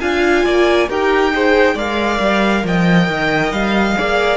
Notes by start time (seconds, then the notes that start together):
0.00 D4 F4 F5 G#5
0.45 A#3 D5
0.88 D#4 G4 A#4 G5
1.32 G#4 C5
1.74 G#3 A#4 D5 F5
2.19 G3
2.64 F3 D#5 G5
3.08 D#3
3.51 G3 F5
3.96 A#3 G#4 D5